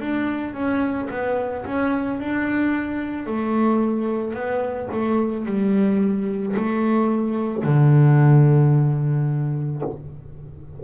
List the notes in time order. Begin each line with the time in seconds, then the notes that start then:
0.00 D4
0.54 C#4
1.10 B3
1.66 C#4
2.20 D4
3.26 A3
4.34 B3
4.92 A3
5.46 G3
6.56 A3
7.64 D3